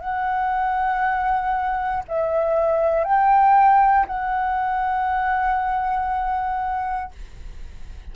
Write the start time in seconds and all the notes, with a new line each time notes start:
0.00 F#5
2.08 E5
3.04 G5
4.06 F#5